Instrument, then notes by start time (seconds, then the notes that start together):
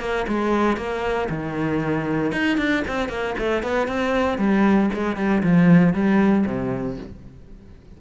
cello
0.00 A#3
0.28 G#3
0.77 A#3
1.30 D#3
2.32 D#4
2.57 D4
2.88 C4
3.09 A#3
3.38 A3
3.63 B3
3.88 C4
4.38 G3
4.93 G#3
5.17 G3
5.43 F3
5.94 G3
6.46 C3